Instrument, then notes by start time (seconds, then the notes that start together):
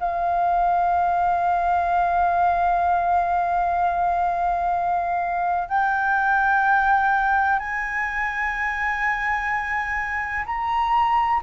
flute
0.00 F5
5.69 G5
7.60 G#5
10.46 A#5